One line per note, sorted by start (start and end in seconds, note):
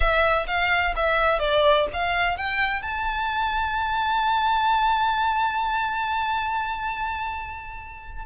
0.00 0.46 E5
0.47 0.94 F5
0.96 1.39 E5
1.39 1.86 D5
1.93 2.37 F5
2.37 2.82 G5
2.82 8.25 A5